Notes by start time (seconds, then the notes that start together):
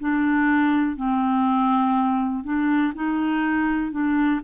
0.00 D4
0.97 C4
2.45 D4
2.95 D#4
3.92 D4